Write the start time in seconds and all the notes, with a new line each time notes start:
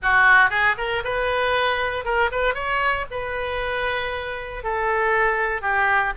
0.02 F#4
0.50 G#4
0.77 A#4
1.03 B4
2.04 A#4
2.31 B4
2.54 C#5
3.10 B4
4.63 A4
5.61 G4